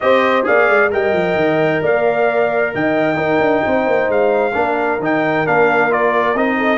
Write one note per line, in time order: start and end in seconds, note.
0.00 0.47 C4
0.00 0.44 G4
0.00 0.46 C5
0.00 0.45 D#5
0.44 0.69 A#3
0.44 0.89 G#4
0.44 0.92 D5
0.44 0.91 F5
0.69 0.91 G#3
0.90 1.12 G3
0.90 3.15 A#4
0.90 1.82 D#5
0.90 1.84 G5
1.12 1.34 F3
1.34 1.80 D#3
1.82 2.73 A#3
1.82 2.73 D5
1.82 2.75 F5
2.74 3.16 D#3
2.74 3.17 D#5
2.74 4.10 G5
3.15 4.52 D#4
3.15 3.39 D#4
3.15 3.62 A#4
3.40 3.62 D4
3.63 3.86 C4
3.63 4.54 C5
3.86 4.08 A#3
4.08 4.54 G#3
4.08 5.01 F5
4.53 4.99 A#3
4.53 4.99 D4
4.53 6.58 A#4
4.99 5.44 D#3
4.99 5.46 D#4
4.99 5.47 G5
5.46 6.34 A#3
5.46 5.89 D4
5.46 5.92 F5
5.89 6.35 F4
5.89 6.37 D5
6.34 6.77 C4
6.34 6.77 D#4
6.34 6.77 D#5
6.58 6.77 A4